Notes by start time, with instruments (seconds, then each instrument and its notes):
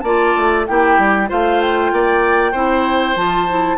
0.00 bassoon A#3, clarinet F4, oboe D5, flute A5
0.36 bassoon A3
0.66 bassoon A#3, clarinet E4, oboe G4, flute G5
0.98 bassoon G3
1.27 bassoon A3, clarinet F4, oboe C5, flute F5
1.61 flute G5
1.92 bassoon A#3, oboe D5
2.52 bassoon C4, clarinet E4, oboe C5
3.16 bassoon F3, clarinet F4, flute A5
3.49 clarinet E4